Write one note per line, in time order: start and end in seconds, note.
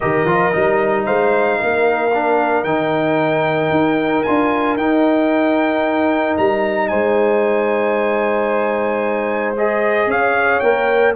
0.00 0.24 D#3
0.00 0.27 G4
0.00 1.05 A#4
0.00 1.05 D#5
0.24 0.51 F3
0.24 0.51 F4
0.51 1.07 G3
0.51 2.10 D#4
1.05 1.60 G#3
1.05 1.58 C5
1.05 2.64 F5
1.59 2.64 A#3
1.59 6.89 A#4
2.13 2.65 D4
2.64 3.70 D#3
2.64 4.25 D#4
2.64 4.23 G5
3.70 4.23 D#4
4.23 4.76 D4
4.23 4.78 F4
4.23 4.76 G#5
4.76 6.36 D#4
4.76 9.56 D#4
4.76 6.36 G5
6.37 6.91 G3
6.37 6.88 A#5
6.88 10.07 G#3
6.88 10.08 C5
6.88 9.53 G#5
9.57 10.63 G#4
9.57 10.10 D#5
10.07 10.60 C#4
10.07 11.15 C#5
10.07 10.59 F5
10.59 11.15 A#3
10.59 11.15 A#4
10.59 11.12 G5